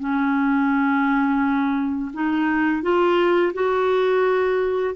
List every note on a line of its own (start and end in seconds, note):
0.00 2.12 C#4
2.14 2.83 D#4
2.83 3.53 F4
3.54 4.95 F#4